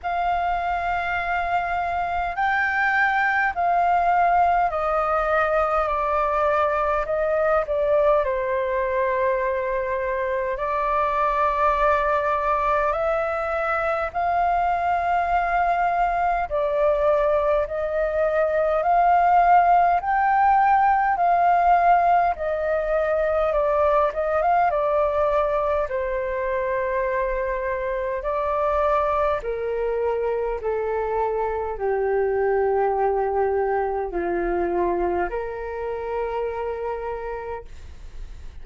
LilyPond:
\new Staff \with { instrumentName = "flute" } { \time 4/4 \tempo 4 = 51 f''2 g''4 f''4 | dis''4 d''4 dis''8 d''8 c''4~ | c''4 d''2 e''4 | f''2 d''4 dis''4 |
f''4 g''4 f''4 dis''4 | d''8 dis''16 f''16 d''4 c''2 | d''4 ais'4 a'4 g'4~ | g'4 f'4 ais'2 | }